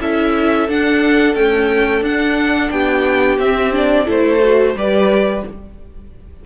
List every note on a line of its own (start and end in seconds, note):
0.00 0.68 C#4
0.00 0.68 E4
0.00 2.72 A4
0.00 0.69 E5
0.68 1.34 D4
0.68 1.36 D4
0.68 1.35 F#5
1.34 2.04 A3
1.34 2.01 C#4
1.34 2.03 G5
2.01 2.69 D4
2.01 3.38 D4
2.01 2.70 F#5
2.70 3.37 B3
2.70 4.05 G4
2.70 3.38 G5
3.37 4.06 C4
3.37 3.72 C4
3.37 3.73 E5
3.72 4.05 D4
3.72 4.09 D5
4.05 4.74 A3
4.05 4.39 E4
4.05 4.74 A4
4.05 4.78 C5
4.41 4.75 F#4
4.74 5.42 G3
4.74 5.45 G4
4.74 5.45 B4
4.74 5.46 D5